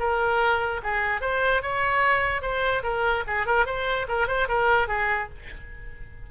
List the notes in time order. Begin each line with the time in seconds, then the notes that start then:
0.00 A#4
0.84 G#4
1.22 C5
1.63 C#5
2.42 C5
2.84 A#4
3.27 G#4
3.47 A#4
3.66 C5
4.09 A#4
4.28 C5
4.49 A#4
4.88 G#4